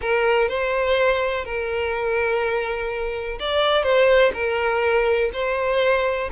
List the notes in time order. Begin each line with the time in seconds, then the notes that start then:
0.01 A#4
0.48 C5
1.44 A#4
3.39 D5
3.83 C5
4.33 A#4
5.33 C5